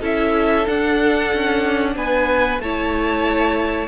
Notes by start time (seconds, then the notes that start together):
0.00 C#4 E4 A4 E5
0.66 D4 F#5
1.34 C#4
1.95 B3 B4 G#5
2.59 A3 E4 C#5 A5